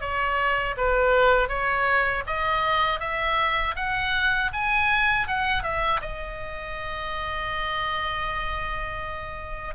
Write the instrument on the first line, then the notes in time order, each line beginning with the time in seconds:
oboe
0.00 C#5
0.77 B4
1.48 C#5
2.26 D#5
2.99 E5
3.76 F#5
4.52 G#5
5.27 F#5
5.62 E5
6.01 D#5